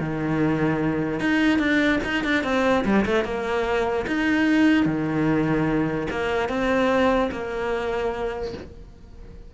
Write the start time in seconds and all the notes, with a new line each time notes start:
0.00 D#3
1.20 D#4
1.59 D4
2.04 D#4
2.24 D4
2.44 C4
2.85 G3
3.06 A3
3.25 A#3
4.07 D#4
4.86 D#3
6.11 A#3
6.49 C4
7.32 A#3